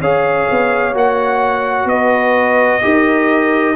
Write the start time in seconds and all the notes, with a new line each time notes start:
0.00 C#4 G#4 C#5 F5
0.50 B3
0.94 A#3 F#4 F#5
1.85 B3 B4 D#5
2.81 D#4 G4 A#4